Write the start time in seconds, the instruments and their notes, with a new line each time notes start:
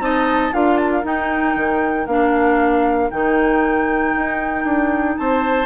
0.00 bassoon C4, clarinet D#4, oboe D#5, flute A5
0.52 bassoon D4, clarinet F4, oboe A#4, flute F5
0.77 flute A5
0.91 flute F5
1.04 clarinet D#4, bassoon D#4, flute G5
1.56 bassoon D#3
2.07 bassoon A#3, clarinet D4, flute F5
3.10 bassoon D#3, clarinet D#4, flute G5
4.15 bassoon D#4
4.65 bassoon D4
5.18 bassoon C4, oboe C5, flute A5